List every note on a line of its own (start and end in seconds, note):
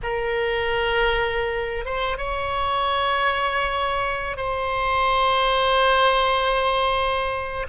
0.03 1.85 A#4
1.85 2.17 C5
2.17 4.37 C#5
4.37 7.66 C5